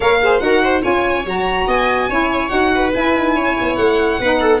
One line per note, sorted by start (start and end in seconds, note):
0.00 0.41 A#3
0.00 0.20 A#4
0.00 0.21 C#5
0.00 0.39 F5
0.21 0.40 G#4
0.21 0.44 C5
0.39 0.83 D#4
0.39 0.81 F#4
0.39 0.63 A#4
0.39 0.81 F#5
0.63 0.82 C5
0.81 1.25 C#4
0.81 1.23 F4
0.81 1.66 C#5
0.81 1.26 G#5
1.25 1.67 F#3
1.25 2.10 F#4
1.25 1.69 A#5
1.67 2.08 B3
1.67 2.09 D#5
1.67 2.48 G#5
2.08 2.50 C#4
2.08 2.49 E4
2.08 2.72 C#5
2.48 2.93 D#4
2.48 2.91 F#4
2.48 2.90 F#5
2.74 3.36 B4
2.94 4.20 E4
2.94 3.14 E4
2.94 3.75 G#5
3.14 3.34 D#4
3.34 3.55 C#4
3.34 4.20 C#5
3.61 3.77 B3
3.75 4.19 A3
3.75 4.59 F#5
4.19 4.60 B3
4.19 4.60 D#4
4.19 4.39 B4
4.39 4.60 A4